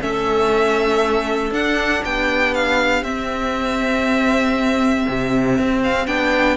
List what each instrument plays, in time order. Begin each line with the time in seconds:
0.00 cello A3, viola C#4, clarinet A4, violin E5
1.51 cello D4, viola D4, violin F#5
2.04 cello B3, clarinet G4, violin G5
2.54 violin F5
3.02 cello C4, viola C4, violin E5
5.08 cello C3
5.58 cello C4
5.83 violin F5
6.06 cello B3, viola D4, violin G5